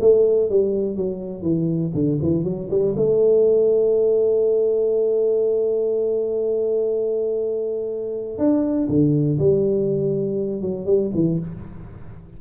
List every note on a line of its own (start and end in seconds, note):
0.00 0.49 A3
0.49 0.96 G3
0.96 1.42 F#3
1.42 1.92 E3
1.94 2.19 D3
2.21 2.44 E3
2.44 2.68 F#3
2.70 2.95 G3
2.96 8.38 A3
8.38 8.87 D4
8.88 9.38 D3
9.38 10.61 G3
10.61 10.85 F#3
10.85 11.10 G3
11.14 11.39 E3